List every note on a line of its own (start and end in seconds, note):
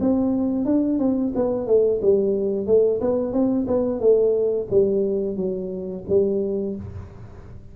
0.00 0.65 C4
0.65 0.99 D4
0.99 1.32 C4
1.35 1.66 B3
1.66 2.00 A3
2.01 2.66 G3
2.66 3.00 A3
3.00 3.32 B3
3.32 3.66 C4
3.67 4.00 B3
4.00 4.67 A3
4.70 5.36 G3
5.36 6.04 F#3
6.08 6.76 G3